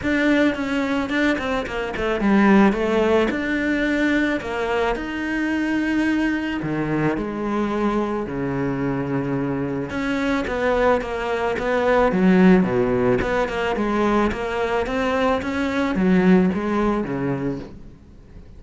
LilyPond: \new Staff \with { instrumentName = "cello" } { \time 4/4 \tempo 4 = 109 d'4 cis'4 d'8 c'8 ais8 a8 | g4 a4 d'2 | ais4 dis'2. | dis4 gis2 cis4~ |
cis2 cis'4 b4 | ais4 b4 fis4 b,4 | b8 ais8 gis4 ais4 c'4 | cis'4 fis4 gis4 cis4 | }